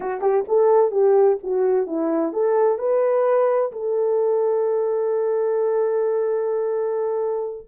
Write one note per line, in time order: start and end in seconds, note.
0.00 0.21 F#4
0.21 0.44 G4
0.48 0.91 A4
0.91 1.37 G4
1.43 1.86 F#4
1.86 2.32 E4
2.32 2.78 A4
2.78 3.71 B4
3.71 7.67 A4